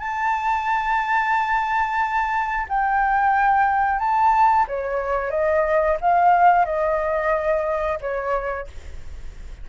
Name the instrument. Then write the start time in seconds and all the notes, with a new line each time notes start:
flute
0.00 A5
2.69 G5
4.00 A5
4.68 C#5
5.31 D#5
6.01 F5
6.66 D#5
8.01 C#5